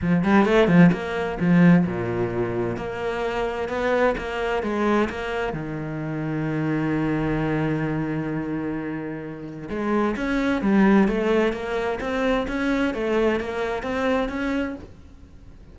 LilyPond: \new Staff \with { instrumentName = "cello" } { \time 4/4 \tempo 4 = 130 f8 g8 a8 f8 ais4 f4 | ais,2 ais2 | b4 ais4 gis4 ais4 | dis1~ |
dis1~ | dis4 gis4 cis'4 g4 | a4 ais4 c'4 cis'4 | a4 ais4 c'4 cis'4 | }